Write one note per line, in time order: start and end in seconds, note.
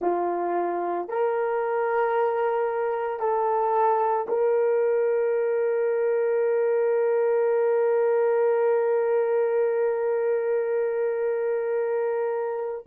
0.00 1.08 F4
1.08 3.19 A#4
3.19 4.26 A4
4.28 12.85 A#4